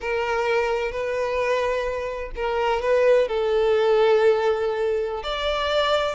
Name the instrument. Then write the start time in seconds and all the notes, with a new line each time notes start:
violin
0.01 A#4
0.91 B4
2.35 A#4
2.81 B4
3.28 A4
5.23 D5